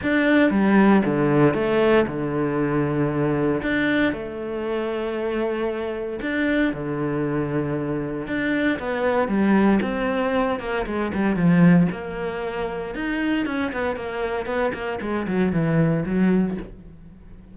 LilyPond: \new Staff \with { instrumentName = "cello" } { \time 4/4 \tempo 4 = 116 d'4 g4 d4 a4 | d2. d'4 | a1 | d'4 d2. |
d'4 b4 g4 c'4~ | c'8 ais8 gis8 g8 f4 ais4~ | ais4 dis'4 cis'8 b8 ais4 | b8 ais8 gis8 fis8 e4 fis4 | }